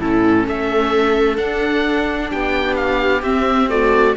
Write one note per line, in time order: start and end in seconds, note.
0.00 0.47 A2
0.00 1.37 C#4
0.00 0.45 E4
0.00 0.47 A4
0.45 1.38 A3
0.45 2.31 A4
0.45 1.38 E5
1.37 3.23 D4
1.37 2.31 D4
1.37 2.31 F#5
2.31 3.23 B3
2.31 3.70 G4
2.31 2.76 G5
2.76 3.23 F5
3.23 4.16 C4
3.23 3.69 C4
3.23 3.70 E5
3.69 4.16 A3
3.69 4.16 F#4
3.69 4.16 D5